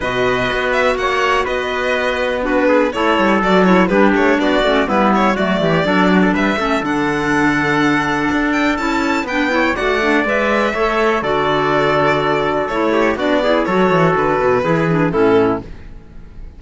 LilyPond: <<
  \new Staff \with { instrumentName = "violin" } { \time 4/4 \tempo 4 = 123 dis''4. e''8 fis''4 dis''4~ | dis''4 b'4 cis''4 d''8 cis''8 | b'8 cis''8 d''4 b'8 cis''8 d''4~ | d''4 e''4 fis''2~ |
fis''4. g''8 a''4 g''4 | fis''4 e''2 d''4~ | d''2 cis''4 d''4 | cis''4 b'2 a'4 | }
  \new Staff \with { instrumentName = "trumpet" } { \time 4/4 b'2 cis''4 b'4~ | b'4 fis'8 gis'8 a'2 | g'4 fis'4 e'4 fis'8 g'8 | a'8 fis'16 a'16 b'8 a'2~ a'8~ |
a'2. b'8 cis''8 | d''2 cis''4 a'4~ | a'2~ a'8 g'8 fis'8 gis'8 | a'2 gis'4 e'4 | }
  \new Staff \with { instrumentName = "clarinet" } { \time 4/4 fis'1~ | fis'4 d'4 e'4 fis'8 e'8 | d'4. cis'8 b4 a4 | d'4. cis'8 d'2~ |
d'2 e'4 d'8 e'8 | fis'8 d'8 b'4 a'4 fis'4~ | fis'2 e'4 d'8 e'8 | fis'2 e'8 d'8 cis'4 | }
  \new Staff \with { instrumentName = "cello" } { \time 4/4 b,4 b4 ais4 b4~ | b2 a8 g8 fis4 | g8 a8 b8 a8 g4 fis8 e8 | fis4 g8 a8 d2~ |
d4 d'4 cis'4 b4 | a4 gis4 a4 d4~ | d2 a4 b4 | fis8 e8 d8 b,8 e4 a,4 | }
>>